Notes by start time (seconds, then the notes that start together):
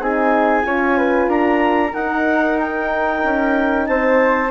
0.00 C4 D#4 G#4 G#5
0.61 C#4 F4 C#5
0.98 B4
1.28 D4 A#4 A#5
1.93 D#4 F#5
2.58 G5
3.24 C#4
3.86 C4 C5 A5